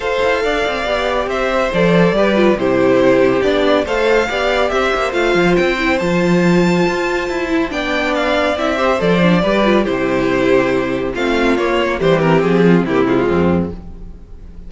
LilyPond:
<<
  \new Staff \with { instrumentName = "violin" } { \time 4/4 \tempo 4 = 140 f''2. e''4 | d''2 c''2 | d''4 f''2 e''4 | f''4 g''4 a''2~ |
a''2 g''4 f''4 | e''4 d''2 c''4~ | c''2 f''4 cis''4 | c''8 ais'8 gis'4 g'8 f'4. | }
  \new Staff \with { instrumentName = "violin" } { \time 4/4 c''4 d''2 c''4~ | c''4 b'4 g'2~ | g'4 c''4 d''4 c''4~ | c''1~ |
c''2 d''2~ | d''8 c''4. b'4 g'4~ | g'2 f'2 | g'4. f'8 e'4 c'4 | }
  \new Staff \with { instrumentName = "viola" } { \time 4/4 a'2 g'2 | a'4 g'8 f'8 e'2 | d'4 a'4 g'2 | f'4. e'8 f'2~ |
f'4. e'8 d'2 | e'8 g'8 a'8 d'8 g'8 f'8 e'4~ | e'2 c'4 ais4 | g8 c'4. ais8 gis4. | }
  \new Staff \with { instrumentName = "cello" } { \time 4/4 f'8 e'8 d'8 c'8 b4 c'4 | f4 g4 c2 | b4 a4 b4 c'8 ais8 | a8 f8 c'4 f2 |
f'4 e'4 b2 | c'4 f4 g4 c4~ | c2 a4 ais4 | e4 f4 c4 f,4 | }
>>